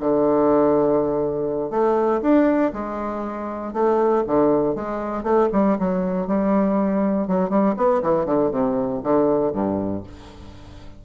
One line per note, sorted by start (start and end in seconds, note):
0.00 1.70 D3
1.70 2.21 A3
2.22 2.72 D4
2.73 3.73 G#3
3.73 4.24 A3
4.27 4.75 D3
4.75 5.23 G#3
5.23 5.48 A3
5.52 5.78 G3
5.79 6.27 F#3
6.27 7.28 G3
7.28 7.49 F#3
7.49 7.75 G3
7.77 8.02 B3
8.02 8.26 E3
8.26 8.51 D3
8.51 9.01 C3
9.03 9.52 D3
9.52 10.03 G2